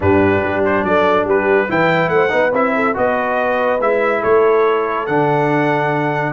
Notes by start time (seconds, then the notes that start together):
0.00 G2 D4 G4 B4
0.44 G3
0.65 C5
0.84 F#3 A4 D5
1.24 G3 G4 B4
1.68 E3 E4 B4 G5
2.09 A3 C5 F#5
2.29 B3 D#4 B4
2.52 C4 E4 E5
2.75 A4
2.94 B3 F#4 B4 D#5
3.80 G#3 E4 E5
4.20 A3 A4 C#5
5.06 D3 D4 F#5